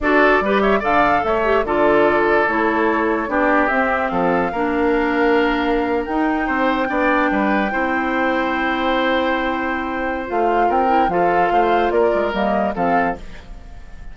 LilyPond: <<
  \new Staff \with { instrumentName = "flute" } { \time 4/4 \tempo 4 = 146 d''4. e''8 f''4 e''4 | d''2 cis''2 | d''4 e''4 f''2~ | f''2~ f''8. g''4~ g''16~ |
g''1~ | g''1~ | g''4 f''4 g''4 f''4~ | f''4 d''4 dis''4 f''4 | }
  \new Staff \with { instrumentName = "oboe" } { \time 4/4 a'4 b'8 cis''8 d''4 cis''4 | a'1 | g'2 a'4 ais'4~ | ais'2.~ ais'8. c''16~ |
c''8. d''4 b'4 c''4~ c''16~ | c''1~ | c''2 ais'4 a'4 | c''4 ais'2 a'4 | }
  \new Staff \with { instrumentName = "clarinet" } { \time 4/4 fis'4 g'4 a'4. g'8 | f'2 e'2 | d'4 c'2 d'4~ | d'2~ d'8. dis'4~ dis'16~ |
dis'8. d'2 e'4~ e'16~ | e'1~ | e'4 f'4. e'8 f'4~ | f'2 ais4 c'4 | }
  \new Staff \with { instrumentName = "bassoon" } { \time 4/4 d'4 g4 d4 a4 | d2 a2 | b4 c'4 f4 ais4~ | ais2~ ais8. dis'4 c'16~ |
c'8. b4 g4 c'4~ c'16~ | c'1~ | c'4 a4 c'4 f4 | a4 ais8 gis8 g4 f4 | }
>>